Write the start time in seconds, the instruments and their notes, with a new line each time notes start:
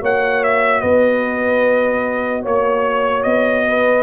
0.00 tuba A#3, trombone F#4, horn C#5, trumpet F#5
0.44 trumpet E5
0.81 tuba B3, horn B4, trumpet D#5
2.43 tuba A#3, horn C#5, trumpet C#5
3.23 tuba B3, trumpet D#5
3.68 horn B4